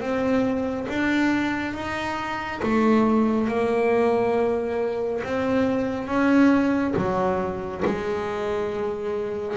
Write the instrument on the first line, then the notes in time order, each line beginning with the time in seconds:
double bass
0.00 C4
0.88 D4
1.74 D#4
2.62 A3
3.47 A#3
5.23 C4
6.07 C#4
6.96 F#3
7.85 G#3